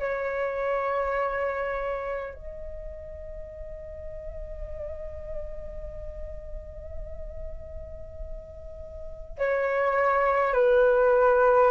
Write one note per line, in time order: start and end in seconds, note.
0.00 2.34 C#5
2.34 9.39 D#5
9.39 10.54 C#5
10.54 11.71 B4